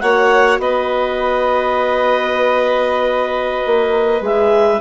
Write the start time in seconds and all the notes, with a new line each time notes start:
0.00 A#3 F#4 C#5 F#5
0.58 B3 B4 D#5
3.65 A#3
4.21 G#3 G#4 E5